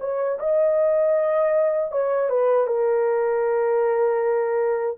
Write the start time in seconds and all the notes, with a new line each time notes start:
0.00 C#5
0.40 D#5
1.92 C#5
2.30 B4
2.67 A#4